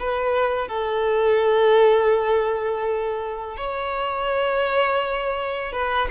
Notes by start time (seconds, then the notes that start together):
0.00 B4
0.68 A4
3.57 C#5
5.72 B4